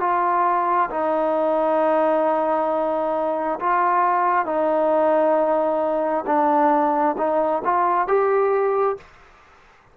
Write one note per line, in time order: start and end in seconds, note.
0.00 0.90 F4
0.90 3.59 D#4
3.59 4.46 F4
4.46 6.25 D#4
6.26 7.16 D4
7.18 7.62 D#4
7.64 8.08 F4
8.08 8.97 G4